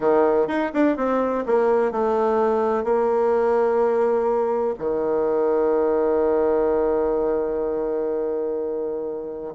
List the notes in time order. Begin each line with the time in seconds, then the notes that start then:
0.00 D#3
0.47 D#4
0.73 D4
0.97 C4
1.46 A#3
1.91 A3
2.84 A#3
4.78 D#3